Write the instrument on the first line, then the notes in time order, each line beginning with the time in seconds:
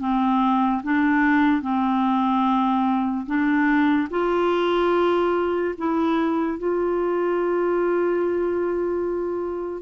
clarinet
0.00 C4
0.84 D4
1.62 C4
3.27 D4
4.11 F4
5.78 E4
6.58 F4